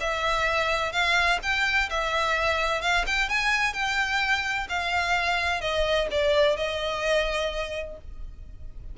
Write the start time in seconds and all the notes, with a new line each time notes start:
0.00 E5
0.92 F5
1.43 G5
1.90 E5
2.81 F5
3.07 G5
3.29 G#5
3.74 G5
4.69 F5
5.61 D#5
6.11 D5
6.57 D#5